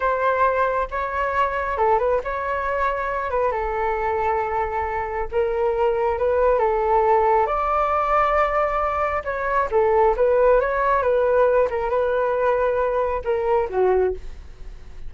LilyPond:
\new Staff \with { instrumentName = "flute" } { \time 4/4 \tempo 4 = 136 c''2 cis''2 | a'8 b'8 cis''2~ cis''8 b'8 | a'1 | ais'2 b'4 a'4~ |
a'4 d''2.~ | d''4 cis''4 a'4 b'4 | cis''4 b'4. ais'8 b'4~ | b'2 ais'4 fis'4 | }